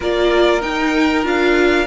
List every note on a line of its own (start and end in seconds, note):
0.00 0.62 A#3
0.00 0.61 F4
0.00 1.87 A#4
0.00 0.61 D5
0.61 1.23 D#4
0.61 1.24 D#4
0.61 1.24 G5
1.23 1.87 D4
1.23 1.86 F4
1.23 1.87 F5